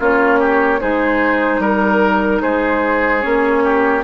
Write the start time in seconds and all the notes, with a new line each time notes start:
0.00 A#3 C#4 F4 C#5
0.40 G4
0.80 G#3 D#4 G#4 C5
1.59 G3 A#4
2.42 G#3 G#4 C5
3.22 A#3 C#4 C#5
3.64 G4